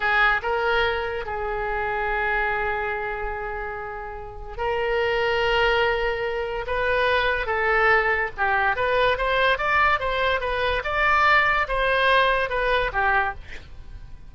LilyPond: \new Staff \with { instrumentName = "oboe" } { \time 4/4 \tempo 4 = 144 gis'4 ais'2 gis'4~ | gis'1~ | gis'2. ais'4~ | ais'1 |
b'2 a'2 | g'4 b'4 c''4 d''4 | c''4 b'4 d''2 | c''2 b'4 g'4 | }